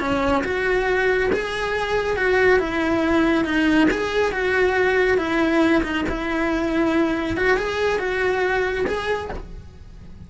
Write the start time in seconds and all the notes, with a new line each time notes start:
0.00 C#4
0.44 F#4
1.33 G#4
2.17 F#4
2.59 E4
3.45 D#4
3.91 G#4
4.32 F#4
5.18 E4
5.83 D#4
6.09 E4
7.37 F#4
7.57 G#4
7.99 F#4
8.87 G#4